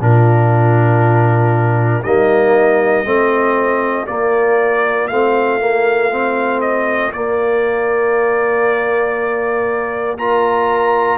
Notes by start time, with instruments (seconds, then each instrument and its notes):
0.00 tuba A#2, trombone D4, horn F4, trumpet A#4
2.03 tuba G3, trombone A#3, horn D#4, trumpet D#5
3.04 tuba A3, trombone C4, horn F4
4.07 trombone A#3, tuba A#3, trumpet D5
5.07 tuba A3, trombone C4, trumpet F5
5.59 trombone A#3
6.10 trombone C4
6.61 trumpet D#5
7.12 trombone A#3, tuba A#3, trumpet D5
10.18 trombone F4, horn A#4, trumpet A#5